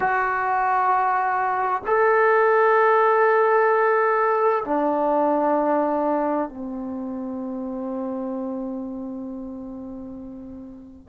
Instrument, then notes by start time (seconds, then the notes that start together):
trombone
0.00 F#4
1.86 A4
4.64 D4
6.49 C4